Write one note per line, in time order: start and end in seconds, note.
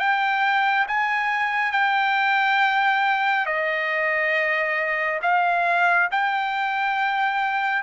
0.00 0.87 G5
0.88 1.72 G#5
1.72 3.46 G5
3.47 5.21 D#5
5.23 6.09 F5
6.11 7.83 G5